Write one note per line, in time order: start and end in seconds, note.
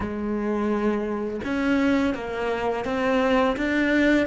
0.00 1.40 G#3
1.44 2.14 C#4
2.14 2.84 A#3
2.84 3.56 C4
3.56 4.26 D4